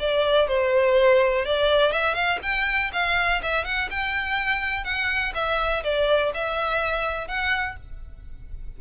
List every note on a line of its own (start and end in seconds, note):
0.00 0.48 D5
0.48 1.45 C5
1.45 1.92 D5
1.92 2.15 E5
2.15 2.39 F5
2.43 2.92 G5
2.93 3.42 F5
3.43 3.65 E5
3.65 3.90 F#5
3.91 4.84 G5
4.84 5.33 F#5
5.35 5.84 E5
5.84 6.33 D5
6.34 7.28 E5
7.28 7.77 F#5